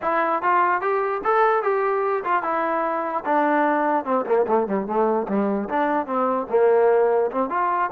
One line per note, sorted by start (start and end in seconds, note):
0.02 0.42 E4
0.42 0.81 F4
0.81 1.21 G4
1.24 1.63 A4
1.63 2.23 G4
2.24 2.43 F4
2.43 3.24 E4
3.25 4.04 D4
4.04 4.25 C4
4.25 4.46 A#3
4.47 4.67 A3
4.67 4.86 G3
4.86 5.27 A3
5.28 5.68 G3
5.69 6.06 D4
6.06 6.47 C4
6.49 7.30 A#3
7.31 7.49 C4
7.49 7.90 F4